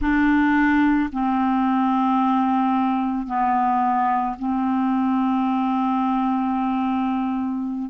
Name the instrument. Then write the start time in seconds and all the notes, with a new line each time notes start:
clarinet
0.00 D4
1.12 C4
3.27 B3
4.38 C4